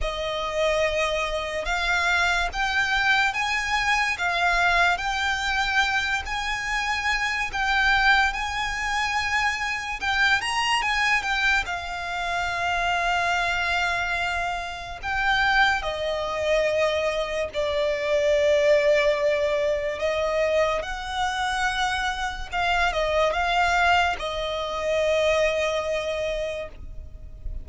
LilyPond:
\new Staff \with { instrumentName = "violin" } { \time 4/4 \tempo 4 = 72 dis''2 f''4 g''4 | gis''4 f''4 g''4. gis''8~ | gis''4 g''4 gis''2 | g''8 ais''8 gis''8 g''8 f''2~ |
f''2 g''4 dis''4~ | dis''4 d''2. | dis''4 fis''2 f''8 dis''8 | f''4 dis''2. | }